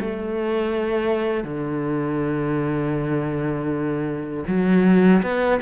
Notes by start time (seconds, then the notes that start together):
0.00 A3
1.44 D3
4.47 F#3
5.23 B3